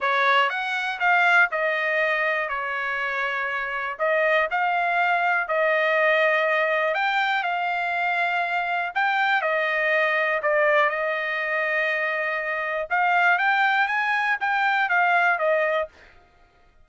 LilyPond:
\new Staff \with { instrumentName = "trumpet" } { \time 4/4 \tempo 4 = 121 cis''4 fis''4 f''4 dis''4~ | dis''4 cis''2. | dis''4 f''2 dis''4~ | dis''2 g''4 f''4~ |
f''2 g''4 dis''4~ | dis''4 d''4 dis''2~ | dis''2 f''4 g''4 | gis''4 g''4 f''4 dis''4 | }